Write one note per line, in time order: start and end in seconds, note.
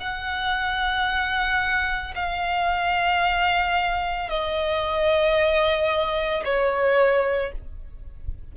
0.00 2.14 F#5
2.15 4.30 F5
4.30 6.44 D#5
6.45 7.52 C#5